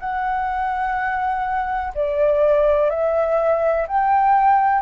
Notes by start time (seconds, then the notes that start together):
0.00 F#5
1.95 D5
2.90 E5
3.88 G5